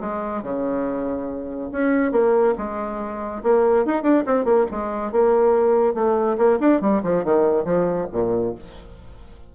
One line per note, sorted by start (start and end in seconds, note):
0.00 0.43 G#3
0.43 1.70 C#3
1.72 2.12 C#4
2.12 2.54 A#3
2.58 3.43 G#3
3.43 3.85 A#3
3.85 4.03 D#4
4.03 4.24 D4
4.26 4.45 C4
4.45 4.66 A#3
4.71 5.12 G#3
5.12 5.94 A#3
5.94 6.37 A3
6.38 6.59 A#3
6.60 6.81 D4
6.81 7.02 G3
7.03 7.24 F3
7.24 7.64 D#3
7.64 8.07 F3
8.12 8.55 A#2